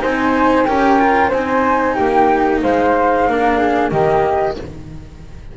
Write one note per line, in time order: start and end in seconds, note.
0.00 0.67 C4
0.00 0.65 D#4
0.00 0.67 C5
0.00 0.65 G#5
0.65 1.32 C#4
0.65 0.99 G4
0.65 1.28 A#4
0.65 1.30 G5
0.99 1.32 F4
1.28 1.97 C4
1.28 1.93 C5
1.28 1.94 G#5
1.34 3.29 D#4
1.94 2.62 A#3
1.94 2.59 G4
1.94 2.60 G5
2.62 3.28 G#3
2.62 3.27 C5
2.62 3.90 F5
3.28 3.92 A#3
3.28 3.91 D4
3.28 3.58 A#4
3.58 3.90 G#4
3.90 4.57 D#3
3.90 4.56 A#3
3.90 4.56 G4
3.90 4.56 D#5